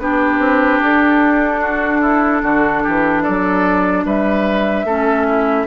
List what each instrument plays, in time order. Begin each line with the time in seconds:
0.00 bassoon B3, clarinet D4, oboe G4, flute B4
0.39 bassoon C4
0.82 bassoon D4, flute A4
1.61 oboe F#4
2.01 oboe E4
2.43 bassoon D3, oboe F#4
2.84 bassoon E3, oboe G4
3.23 bassoon F#3, oboe A4, flute D5
4.05 bassoon G3, oboe B4, flute E5
4.85 bassoon A3, clarinet C#4, oboe A4
5.28 oboe E4